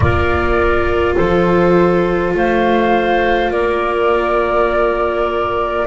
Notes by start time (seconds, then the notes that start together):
0.00 A#3 F4 A#4 D5
1.15 F3 A4 C5
2.34 A3 C5 F5
3.50 A#3 A#4 D5